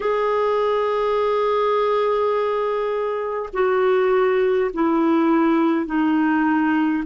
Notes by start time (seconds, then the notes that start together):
0.00 G#4
3.53 F#4
4.73 E4
5.86 D#4